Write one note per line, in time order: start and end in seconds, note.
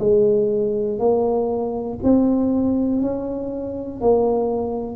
0.00 0.99 G#3
0.99 1.99 A#3
2.04 3.02 C4
3.02 4.01 C#4
4.01 4.97 A#3